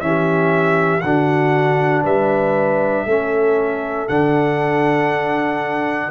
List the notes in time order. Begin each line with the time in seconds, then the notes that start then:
0.00 E3 C#4 G4 E5
1.01 D3 D4 F#4 F#5
2.03 G3 B4 E5
3.06 A3 C#4 A4
4.08 D3 D4 F#5